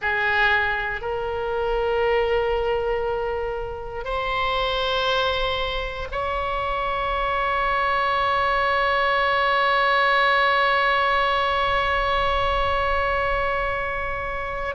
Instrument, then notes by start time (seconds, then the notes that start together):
oboe
0.01 G#4
1.01 A#4
4.04 C5
6.11 C#5